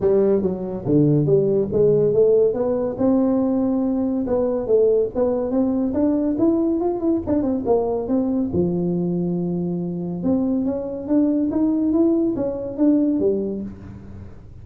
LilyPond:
\new Staff \with { instrumentName = "tuba" } { \time 4/4 \tempo 4 = 141 g4 fis4 d4 g4 | gis4 a4 b4 c'4~ | c'2 b4 a4 | b4 c'4 d'4 e'4 |
f'8 e'8 d'8 c'8 ais4 c'4 | f1 | c'4 cis'4 d'4 dis'4 | e'4 cis'4 d'4 g4 | }